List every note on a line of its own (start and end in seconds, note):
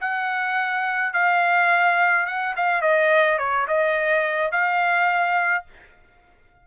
0.00 1.13 F#5
1.13 2.26 F5
2.26 2.54 F#5
2.56 2.81 F5
2.81 3.38 D#5
3.38 3.67 C#5
3.67 4.52 D#5
4.52 5.65 F5